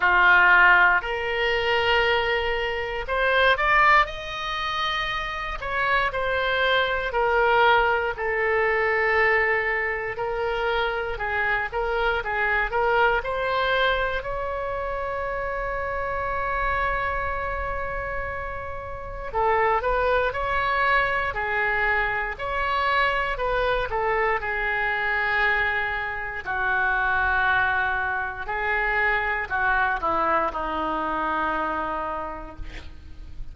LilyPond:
\new Staff \with { instrumentName = "oboe" } { \time 4/4 \tempo 4 = 59 f'4 ais'2 c''8 d''8 | dis''4. cis''8 c''4 ais'4 | a'2 ais'4 gis'8 ais'8 | gis'8 ais'8 c''4 cis''2~ |
cis''2. a'8 b'8 | cis''4 gis'4 cis''4 b'8 a'8 | gis'2 fis'2 | gis'4 fis'8 e'8 dis'2 | }